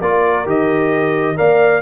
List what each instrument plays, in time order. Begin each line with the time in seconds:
0.00 tuba A#3, trombone F4, horn A#4, trumpet D5
0.45 tuba D#3, trombone G4, trumpet D#5
1.36 tuba A#3, trombone A#4, horn D5, trumpet F5